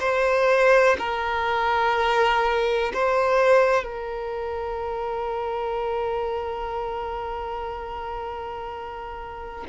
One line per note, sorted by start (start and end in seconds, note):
0.00 0.97 C5
0.99 2.93 A#4
2.94 3.84 C5
3.84 9.65 A#4